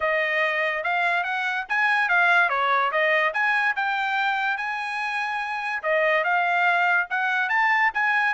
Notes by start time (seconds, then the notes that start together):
0.00 D#5
0.83 F5
1.23 F#5
1.68 G#5
2.08 F5
2.49 C#5
2.91 D#5
3.33 G#5
3.76 G5
4.57 G#5
5.82 D#5
6.23 F5
7.10 F#5
7.49 A5
7.94 G#5